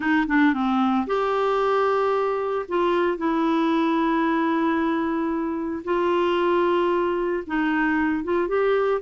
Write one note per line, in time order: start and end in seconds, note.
0.00 0.26 D#4
0.27 0.53 D4
0.53 1.06 C4
1.06 2.65 G4
2.68 3.17 F4
3.17 5.83 E4
5.84 7.43 F4
7.46 8.23 D#4
8.23 8.48 F4
8.48 9.01 G4